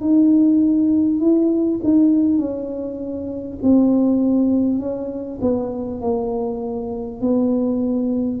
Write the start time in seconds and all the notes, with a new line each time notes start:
0.00 D#4
1.19 E4
1.83 D#4
2.37 C#4
3.62 C4
4.79 C#4
5.41 B3
6.01 A#3
7.20 B3